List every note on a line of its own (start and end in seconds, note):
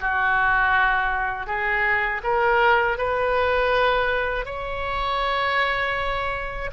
0.00 1.46 F#4
1.46 2.21 G#4
2.23 2.98 A#4
2.98 4.46 B4
4.46 6.71 C#5